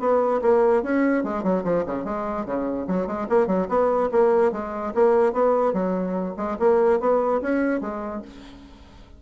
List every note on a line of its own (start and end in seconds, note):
0.00 0.41 B3
0.42 0.83 A#3
0.83 1.24 C#4
1.24 1.43 G#3
1.43 1.64 F#3
1.64 1.85 F3
1.86 2.05 C#3
2.05 2.46 G#3
2.46 2.87 C#3
2.88 3.07 F#3
3.07 3.28 G#3
3.29 3.47 A#3
3.47 3.68 F#3
3.69 4.10 B3
4.12 4.52 A#3
4.52 4.93 G#3
4.95 5.33 A#3
5.33 5.73 B3
5.73 6.35 F#3
6.37 6.58 G#3
6.59 7.00 A#3
7.00 7.41 B3
7.42 7.81 C#4
7.81 8.22 G#3